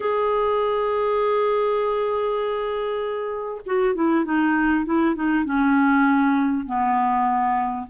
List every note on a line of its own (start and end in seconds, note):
0.00 3.61 G#4
3.66 3.94 F#4
3.94 4.24 E4
4.24 4.85 D#4
4.85 5.15 E4
5.15 5.45 D#4
5.45 6.66 C#4
6.66 7.87 B3